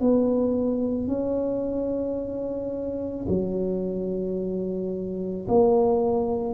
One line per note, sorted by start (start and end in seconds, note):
0.00 1.07 B3
1.07 3.25 C#4
3.28 5.46 F#3
5.47 6.54 A#3